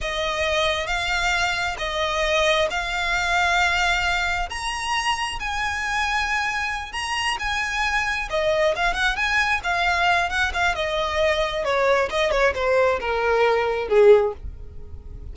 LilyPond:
\new Staff \with { instrumentName = "violin" } { \time 4/4 \tempo 4 = 134 dis''2 f''2 | dis''2 f''2~ | f''2 ais''2 | gis''2.~ gis''8 ais''8~ |
ais''8 gis''2 dis''4 f''8 | fis''8 gis''4 f''4. fis''8 f''8 | dis''2 cis''4 dis''8 cis''8 | c''4 ais'2 gis'4 | }